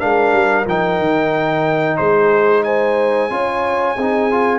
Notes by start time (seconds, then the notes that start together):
0.00 G#3 D4 A#4 F5
0.33 G3
0.67 F3 D#4 G5
0.99 D#3
1.98 G#3 G#4 C5
2.64 C5 G#5
3.31 C#4 F4 C#5
3.96 C4 D#4 G#4
4.31 F4